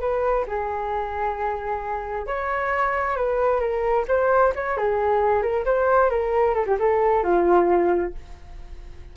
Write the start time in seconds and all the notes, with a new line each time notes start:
0.00 B4
0.47 G#4
2.26 C#5
3.16 B4
3.59 A#4
4.08 C5
4.55 C#5
4.77 G#4
5.42 A#4
5.65 C5
6.10 A#4
6.54 A4
6.66 G4
6.79 A4
7.23 F4